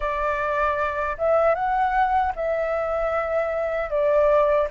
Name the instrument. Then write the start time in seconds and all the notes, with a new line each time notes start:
flute
0.00 D5
1.18 E5
1.54 F#5
2.36 E5
3.90 D5